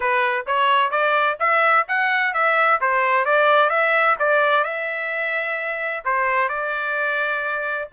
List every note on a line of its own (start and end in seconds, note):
0.00 0.45 B4
0.46 0.90 C#5
0.90 1.37 D5
1.39 1.86 E5
1.87 2.33 F#5
2.33 2.79 E5
2.80 3.25 C5
3.25 3.69 D5
3.69 4.16 E5
4.19 4.63 D5
4.63 6.03 E5
6.05 6.48 C5
6.48 7.88 D5